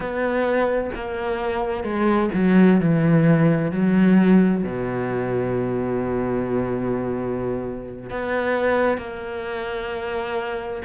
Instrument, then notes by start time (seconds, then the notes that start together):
cello
0.00 B3
0.95 A#3
1.83 G#3
2.34 F#3
2.80 E3
3.71 F#3
4.63 B2
8.09 B3
8.97 A#3